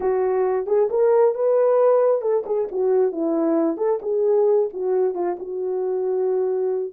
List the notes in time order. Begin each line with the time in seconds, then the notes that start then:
0.00 F#4
0.66 G#4
0.90 A#4
1.34 B4
2.21 A4
2.45 G#4
2.71 F#4
3.11 E4
3.77 A4
4.02 G#4
4.73 F#4
5.14 F4
5.39 F#4